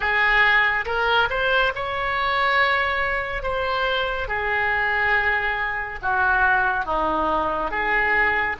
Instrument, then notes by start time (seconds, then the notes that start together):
oboe
0.00 G#4
0.85 A#4
1.30 C5
1.75 C#5
3.42 C5
4.27 G#4
6.02 F#4
6.85 D#4
7.70 G#4